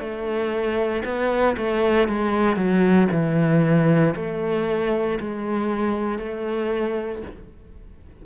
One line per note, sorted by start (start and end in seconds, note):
0.00 1.03 A3
1.05 1.57 B3
1.58 2.09 A3
2.09 2.56 G#3
2.56 3.08 F#3
3.12 4.15 E3
4.16 5.20 A3
5.21 6.19 G#3
6.19 7.22 A3